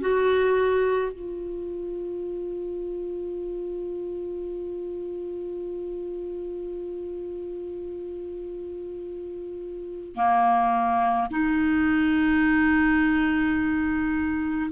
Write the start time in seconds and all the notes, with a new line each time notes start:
0.00 F#4
1.12 F4
10.15 A#3
11.31 D#4